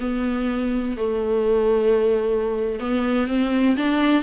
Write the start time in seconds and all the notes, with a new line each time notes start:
0.00 B3
0.97 A3
2.80 B3
3.28 C4
3.77 D4